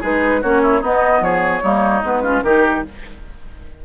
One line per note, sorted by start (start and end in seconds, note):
0.00 0.43 G#3
0.00 0.42 D#4
0.00 0.40 G#4
0.00 0.42 B4
0.41 0.82 A#3
0.41 0.82 C#4
0.41 0.61 F#4
0.41 0.82 C#5
0.62 0.81 E4
0.81 1.20 B3
0.81 1.62 B3
0.81 1.21 D#4
0.81 1.23 D#5
1.20 1.61 F3
1.20 1.63 G#4
1.20 2.04 C#5
1.63 2.02 G3
1.63 2.03 A#3
1.63 2.23 D#4
2.02 2.42 G#3
2.02 2.22 B3
2.02 2.43 B4
2.22 2.43 C#4
2.22 2.43 F4
2.43 2.83 D#3
2.43 2.85 D#4
2.43 2.84 G4
2.43 2.83 A#4